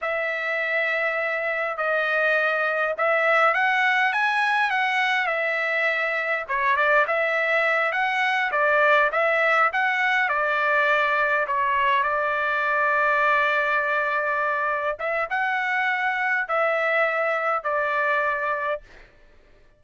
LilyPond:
\new Staff \with { instrumentName = "trumpet" } { \time 4/4 \tempo 4 = 102 e''2. dis''4~ | dis''4 e''4 fis''4 gis''4 | fis''4 e''2 cis''8 d''8 | e''4. fis''4 d''4 e''8~ |
e''8 fis''4 d''2 cis''8~ | cis''8 d''2.~ d''8~ | d''4. e''8 fis''2 | e''2 d''2 | }